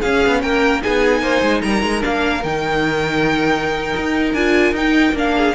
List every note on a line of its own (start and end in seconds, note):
0.00 0.81 C#4
0.00 0.25 C#4
0.00 0.40 G#4
0.00 0.42 F5
0.27 0.43 B3
0.42 0.83 A#3
0.42 0.83 A#4
0.42 0.82 G5
0.81 1.22 B3
0.81 2.01 D#4
0.81 1.22 G#4
0.81 1.62 G#5
1.22 1.42 A#3
1.22 1.62 C5
1.42 1.62 G#3
1.62 1.83 G3
1.62 5.36 A#4
1.62 2.02 A#5
1.83 2.03 G#3
2.01 2.44 A#3
2.01 2.41 D4
2.01 2.44 F5
2.44 3.95 D#3
2.44 4.37 D#4
2.44 4.34 G5
3.96 4.34 D#4
4.34 4.72 D4
4.34 4.75 F4
4.34 4.74 G#5
4.72 5.13 D#4
4.72 5.15 D#4
4.72 5.17 G5
5.13 5.53 A#3
5.13 5.55 D4
5.13 5.55 F5
5.36 5.55 G#4